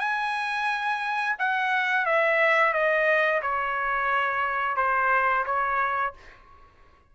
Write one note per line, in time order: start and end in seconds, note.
0.00 1.36 G#5
1.39 2.06 F#5
2.06 2.73 E5
2.73 3.42 D#5
3.42 4.77 C#5
4.77 5.45 C5
5.46 6.14 C#5